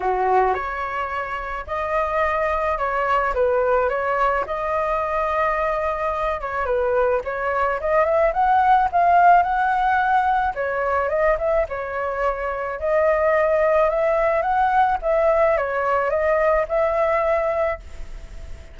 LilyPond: \new Staff \with { instrumentName = "flute" } { \time 4/4 \tempo 4 = 108 fis'4 cis''2 dis''4~ | dis''4 cis''4 b'4 cis''4 | dis''2.~ dis''8 cis''8 | b'4 cis''4 dis''8 e''8 fis''4 |
f''4 fis''2 cis''4 | dis''8 e''8 cis''2 dis''4~ | dis''4 e''4 fis''4 e''4 | cis''4 dis''4 e''2 | }